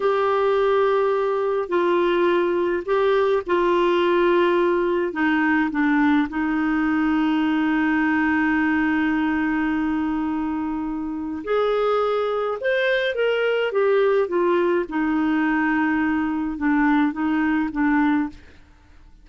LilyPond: \new Staff \with { instrumentName = "clarinet" } { \time 4/4 \tempo 4 = 105 g'2. f'4~ | f'4 g'4 f'2~ | f'4 dis'4 d'4 dis'4~ | dis'1~ |
dis'1 | gis'2 c''4 ais'4 | g'4 f'4 dis'2~ | dis'4 d'4 dis'4 d'4 | }